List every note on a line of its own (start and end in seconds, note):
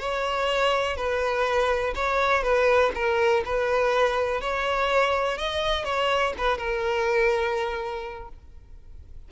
0.00 0.97 C#5
0.97 1.94 B4
1.95 2.43 C#5
2.43 2.92 B4
2.95 3.44 A#4
3.45 4.41 B4
4.41 5.38 C#5
5.38 5.85 D#5
5.85 6.34 C#5
6.38 6.58 B4
6.58 8.29 A#4